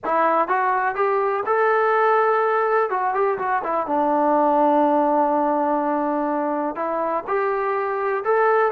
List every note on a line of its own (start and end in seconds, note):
0.04 0.48 E4
0.48 0.95 F#4
0.95 1.43 G4
1.46 2.89 A4
2.89 3.13 F#4
3.13 3.38 G4
3.38 3.62 F#4
3.63 3.87 E4
3.87 6.75 D4
6.75 7.23 E4
7.27 8.23 G4
8.24 8.71 A4